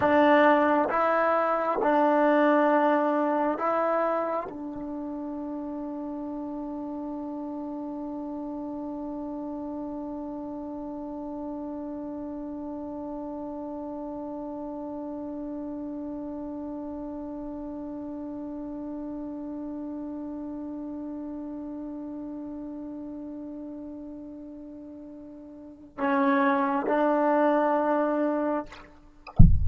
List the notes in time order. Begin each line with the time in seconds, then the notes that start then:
0.00 D4
0.89 E4
1.82 D4
3.57 E4
4.49 D4
25.97 C#4
26.86 D4